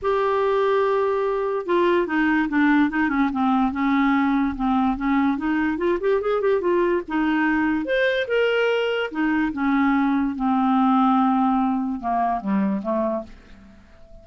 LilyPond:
\new Staff \with { instrumentName = "clarinet" } { \time 4/4 \tempo 4 = 145 g'1 | f'4 dis'4 d'4 dis'8 cis'8 | c'4 cis'2 c'4 | cis'4 dis'4 f'8 g'8 gis'8 g'8 |
f'4 dis'2 c''4 | ais'2 dis'4 cis'4~ | cis'4 c'2.~ | c'4 ais4 g4 a4 | }